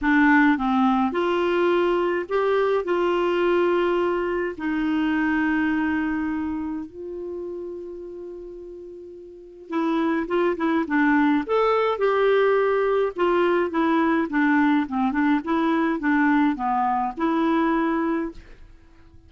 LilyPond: \new Staff \with { instrumentName = "clarinet" } { \time 4/4 \tempo 4 = 105 d'4 c'4 f'2 | g'4 f'2. | dis'1 | f'1~ |
f'4 e'4 f'8 e'8 d'4 | a'4 g'2 f'4 | e'4 d'4 c'8 d'8 e'4 | d'4 b4 e'2 | }